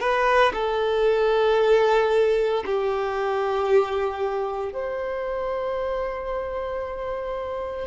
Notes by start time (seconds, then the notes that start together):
0.00 B4
0.54 A4
2.66 G4
4.74 C5